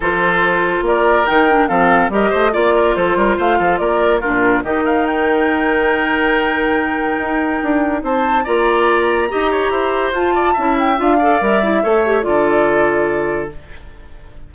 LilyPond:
<<
  \new Staff \with { instrumentName = "flute" } { \time 4/4 \tempo 4 = 142 c''2 d''4 g''4 | f''4 dis''4 d''4 c''4 | f''4 d''4 ais'4 dis''8 f''8 | g''1~ |
g''2. a''4 | ais''1 | a''4. g''8 f''4 e''4~ | e''4 d''2. | }
  \new Staff \with { instrumentName = "oboe" } { \time 4/4 a'2 ais'2 | a'4 ais'8 c''8 d''8 ais'8 a'8 ais'8 | c''8 a'8 ais'4 f'4 g'8 ais'8~ | ais'1~ |
ais'2. c''4 | d''2 dis''8 cis''8 c''4~ | c''8 d''8 e''4. d''4. | cis''4 a'2. | }
  \new Staff \with { instrumentName = "clarinet" } { \time 4/4 f'2. dis'8 d'8 | c'4 g'4 f'2~ | f'2 d'4 dis'4~ | dis'1~ |
dis'1 | f'2 g'2 | f'4 e'4 f'8 a'8 ais'8 e'8 | a'8 g'8 f'2. | }
  \new Staff \with { instrumentName = "bassoon" } { \time 4/4 f2 ais4 dis4 | f4 g8 a8 ais4 f8 g8 | a8 f8 ais4 ais,4 dis4~ | dis1~ |
dis4 dis'4 d'4 c'4 | ais2 dis'4 e'4 | f'4 cis'4 d'4 g4 | a4 d2. | }
>>